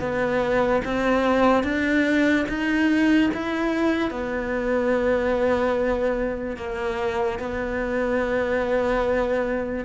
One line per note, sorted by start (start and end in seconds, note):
0.00 0.82 B3
0.85 1.64 C4
1.64 2.46 D4
2.49 3.31 D#4
3.34 4.11 E4
4.11 6.57 B3
6.57 7.39 A#3
7.39 9.85 B3